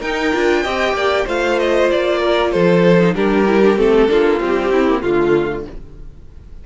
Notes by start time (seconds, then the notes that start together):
0.00 D#4 A#4 G5
0.33 D4 F4
0.62 C4 G4 D#5
0.93 A#3 D5
1.25 A3 F4 C5 F5
1.59 D#5
1.90 A#3 D5
2.19 A#4
2.52 F3 A4 C5
3.00 D#4
3.15 G3 D4 G4 A#4
3.46 E4
3.62 D4
3.76 A3 C4 A4
4.07 A#3 D4 F4
4.40 G3 C4 G4
4.72 C4 E4
4.88 A#3
5.02 D3 A3 F4